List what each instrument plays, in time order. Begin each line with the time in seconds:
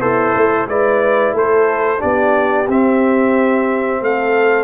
0.00 tuba B3, horn E4, trombone A4, trumpet C5
0.35 tuba A3
0.67 tuba G#3, trombone E4, horn B4, trumpet D5
1.33 tuba A3, horn A4, trumpet C5
1.98 tuba B3, trombone D4, horn G4, trumpet D5
2.68 tuba C4, trombone C4, trumpet E5
4.02 tuba A3, horn A4, trumpet F5